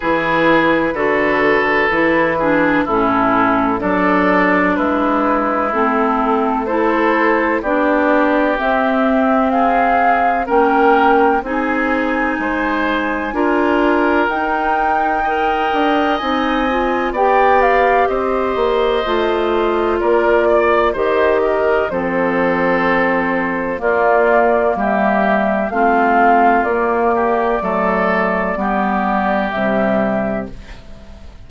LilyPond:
<<
  \new Staff \with { instrumentName = "flute" } { \time 4/4 \tempo 4 = 63 b'2. a'4 | d''4 b'4 a'4 c''4 | d''4 e''4 f''4 g''4 | gis''2. g''4~ |
g''4 gis''4 g''8 f''8 dis''4~ | dis''4 d''4 dis''4 c''4~ | c''4 d''4 e''4 f''4 | d''2. e''4 | }
  \new Staff \with { instrumentName = "oboe" } { \time 4/4 gis'4 a'4. gis'8 e'4 | a'4 e'2 a'4 | g'2 gis'4 ais'4 | gis'4 c''4 ais'2 |
dis''2 d''4 c''4~ | c''4 ais'8 d''8 c''8 ais'8 a'4~ | a'4 f'4 g'4 f'4~ | f'8 g'8 a'4 g'2 | }
  \new Staff \with { instrumentName = "clarinet" } { \time 4/4 e'4 fis'4 e'8 d'8 cis'4 | d'2 c'4 e'4 | d'4 c'2 cis'4 | dis'2 f'4 dis'4 |
ais'4 dis'8 f'8 g'2 | f'2 g'4 c'4~ | c'4 ais2 c'4 | ais4 a4 b4 g4 | }
  \new Staff \with { instrumentName = "bassoon" } { \time 4/4 e4 d4 e4 a,4 | fis4 gis4 a2 | b4 c'2 ais4 | c'4 gis4 d'4 dis'4~ |
dis'8 d'8 c'4 b4 c'8 ais8 | a4 ais4 dis4 f4~ | f4 ais4 g4 a4 | ais4 fis4 g4 c4 | }
>>